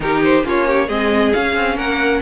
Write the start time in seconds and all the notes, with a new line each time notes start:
0.00 D#3 D#4 G4 A#4
0.23 C5
0.44 A#3 C#4 F4 C#5
0.67 G4
0.87 G#3 C4 G#4 D#5
1.33 C#4 F5
1.55 C4
1.75 A#3 A#4 F#5